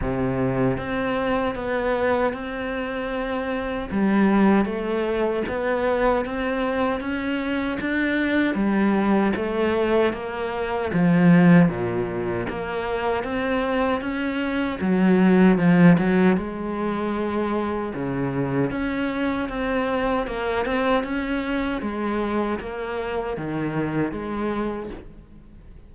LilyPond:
\new Staff \with { instrumentName = "cello" } { \time 4/4 \tempo 4 = 77 c4 c'4 b4 c'4~ | c'4 g4 a4 b4 | c'4 cis'4 d'4 g4 | a4 ais4 f4 ais,4 |
ais4 c'4 cis'4 fis4 | f8 fis8 gis2 cis4 | cis'4 c'4 ais8 c'8 cis'4 | gis4 ais4 dis4 gis4 | }